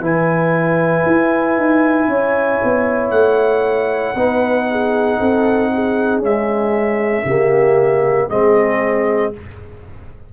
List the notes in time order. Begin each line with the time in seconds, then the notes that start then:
0.00 E3 E4 B4 G#5
1.06 E4
1.58 D#4
2.08 C#4 C#5
2.64 B3
3.11 A3 F#5
4.15 B3 D#4 B4
4.71 G#4
5.19 C4 A4
5.73 G#4
6.19 G#3 C#4 E5
7.25 C#3 A#3 G4
8.28 G#3 C4 G#4 D#5